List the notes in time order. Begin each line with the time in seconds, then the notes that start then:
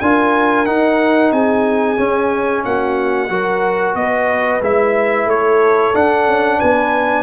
0.00 D4 F4 A#4 G#5
0.66 D#4 F#5
1.31 C4 G#4 G#5
1.97 C#4
2.64 A#3 F#4 F#5
3.29 F#3 F#4 A#4
3.94 B3 B4 D#5
4.61 G#3 E4 E5
5.25 A3 A4 C#5
5.94 D4 F#5
6.27 C#4
6.58 B3 B4 G#5